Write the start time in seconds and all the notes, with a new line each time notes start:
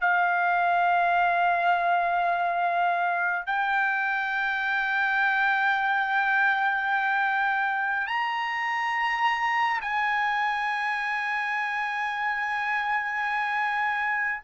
0.00 F5
3.46 G5
8.07 A#5
9.81 G#5